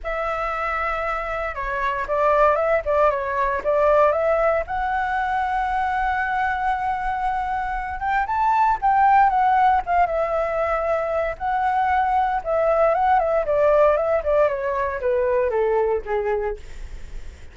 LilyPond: \new Staff \with { instrumentName = "flute" } { \time 4/4 \tempo 4 = 116 e''2. cis''4 | d''4 e''8 d''8 cis''4 d''4 | e''4 fis''2.~ | fis''2.~ fis''8 g''8 |
a''4 g''4 fis''4 f''8 e''8~ | e''2 fis''2 | e''4 fis''8 e''8 d''4 e''8 d''8 | cis''4 b'4 a'4 gis'4 | }